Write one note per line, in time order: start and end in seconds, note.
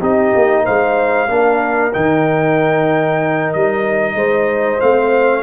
0.00 0.33 C4
0.00 1.28 D#4
0.00 0.64 G4
0.00 0.66 D#5
0.36 0.67 A#3
0.65 1.29 G#3
0.65 1.29 C5
0.65 1.93 F5
1.28 1.93 A#3
1.28 1.92 D4
1.28 4.16 A#4
1.93 3.55 D#3
1.93 4.80 D#4
1.93 3.53 G5
3.53 4.15 G3
3.53 4.81 D#5
4.15 4.79 G#3
4.15 5.43 C5
4.80 5.43 A3
4.80 5.43 C4
4.80 5.43 F5